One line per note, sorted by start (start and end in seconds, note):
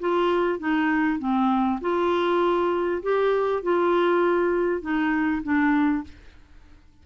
0.00 0.59 F4
0.59 1.19 D#4
1.19 1.80 C4
1.81 3.02 F4
3.03 3.63 G4
3.63 4.82 F4
4.82 5.42 D#4
5.43 6.04 D4